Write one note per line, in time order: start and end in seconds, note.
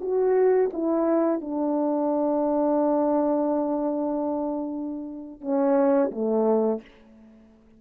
0.00 0.70 F#4
0.73 1.40 E4
1.40 5.41 D4
5.41 6.10 C#4
6.11 6.81 A3